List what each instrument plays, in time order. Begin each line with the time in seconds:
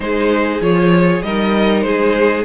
0.00 cello G#3, viola D#4, violin G#4 C5
0.60 cello F3, viola F4, violin C#5
1.22 cello G3, viola D#4, violin A#4 D#5
1.81 cello G#3, violin G#4 C5